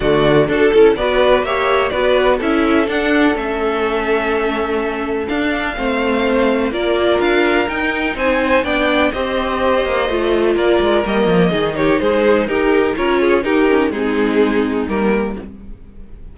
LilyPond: <<
  \new Staff \with { instrumentName = "violin" } { \time 4/4 \tempo 4 = 125 d''4 a'4 d''4 e''4 | d''4 e''4 fis''4 e''4~ | e''2. f''4~ | f''2 d''4 f''4 |
g''4 gis''4 g''4 dis''4~ | dis''2 d''4 dis''4~ | dis''8 cis''8 c''4 ais'4 cis''4 | ais'4 gis'2 ais'4 | }
  \new Staff \with { instrumentName = "violin" } { \time 4/4 fis'4 a'4 b'4 cis''4 | b'4 a'2.~ | a'1 | c''2 ais'2~ |
ais'4 c''4 d''4 c''4~ | c''2 ais'2 | gis'8 g'8 gis'4 g'4 ais'8 gis'8 | g'4 dis'2. | }
  \new Staff \with { instrumentName = "viola" } { \time 4/4 a4 fis'8 e'8 fis'4 g'4 | fis'4 e'4 d'4 cis'4~ | cis'2. d'4 | c'2 f'2 |
dis'2 d'4 g'4~ | g'4 f'2 ais4 | dis'2. f'4 | dis'8 cis'8 c'2 ais4 | }
  \new Staff \with { instrumentName = "cello" } { \time 4/4 d4 d'8 cis'8 b4 ais4 | b4 cis'4 d'4 a4~ | a2. d'4 | a2 ais4 d'4 |
dis'4 c'4 b4 c'4~ | c'8 ais8 a4 ais8 gis8 g8 f8 | dis4 gis4 dis'4 cis'4 | dis'4 gis2 g4 | }
>>